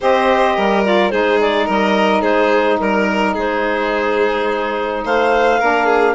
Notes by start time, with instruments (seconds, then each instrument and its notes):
0.00 bassoon C4, saxophone G4, violin C5, clarinet D#5
0.55 bassoon G3, violin A#4
0.83 saxophone F4, clarinet D5
1.10 bassoon G#3, saxophone D#4, violin G#4, clarinet C5
1.41 clarinet D5
1.65 bassoon G3, violin A#4, clarinet D#5
2.21 bassoon G#3, violin G#4, clarinet C5
2.79 bassoon G3, clarinet A#4, violin A#4
3.34 bassoon G#3, violin G#4, clarinet C5
5.04 bassoon A3, violin C5, clarinet F5
5.59 bassoon A#3, saxophone D4, violin A#4
5.86 violin G#4